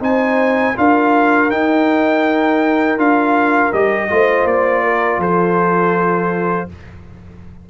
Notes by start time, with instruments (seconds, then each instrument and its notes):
0.00 tuba C4, trombone D#4, horn C5, trumpet G#5
0.75 tuba D4, trombone F4, horn A#4, trumpet F5
1.50 trombone D#4, tuba D#4, trumpet G5
2.97 tuba D4, trombone F4, trumpet F5
3.72 tuba G3, trombone G4, trumpet D#5
4.09 tuba A3, trombone F4, horn C5
4.43 tuba A#3, trumpet D5
4.83 horn A#4
5.18 tuba F3, horn A4, trumpet C5